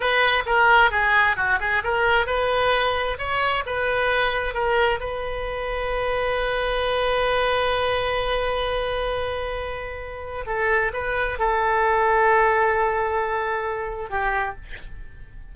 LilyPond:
\new Staff \with { instrumentName = "oboe" } { \time 4/4 \tempo 4 = 132 b'4 ais'4 gis'4 fis'8 gis'8 | ais'4 b'2 cis''4 | b'2 ais'4 b'4~ | b'1~ |
b'1~ | b'2. a'4 | b'4 a'2.~ | a'2. g'4 | }